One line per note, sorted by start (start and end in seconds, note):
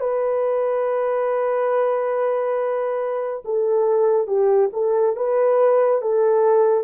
0.00 3.43 B4
3.45 4.27 A4
4.27 4.70 G4
4.73 5.16 A4
5.16 6.02 B4
6.02 6.84 A4